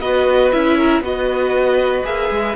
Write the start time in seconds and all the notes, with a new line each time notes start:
0.00 B3 F#4 B4 D#5
0.51 C#4 E4 E5
0.77 A#4
1.01 B3 F#4 B4 D#5
2.04 A#3 G#4 E5
2.31 G#3